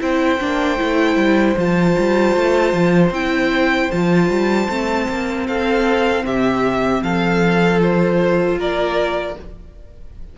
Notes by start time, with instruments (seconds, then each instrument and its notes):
0.00 cello C4, viola E4, violin C5 G5
0.40 cello A#3, viola D4
0.78 cello A3, viola E4
1.16 cello G3
1.57 cello F3, viola F4, violin A5
1.98 cello G3
2.37 cello A3
2.73 cello F3
3.11 cello C4, viola E4, violin G5
3.91 cello F3, viola F4, violin A5
4.30 cello G3
4.69 cello A3, viola C4
5.09 cello A#3
5.47 cello C4, violin A4 F5
6.24 cello C3, violin G4 E5
7.03 cello F3, violin A4 F5
7.79 viola F4, violin C5
8.58 cello A#3, violin A#4 D5